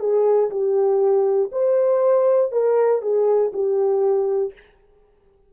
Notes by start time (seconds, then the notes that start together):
0.00 G#4
0.50 G4
1.52 C5
2.52 A#4
3.02 G#4
3.53 G4